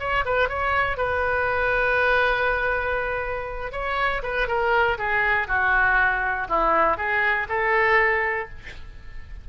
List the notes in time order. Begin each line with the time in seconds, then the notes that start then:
0.00 C#5
0.25 B4
0.49 C#5
0.98 B4
3.73 C#5
4.23 B4
4.48 A#4
4.99 G#4
5.48 F#4
6.49 E4
6.98 G#4
7.49 A4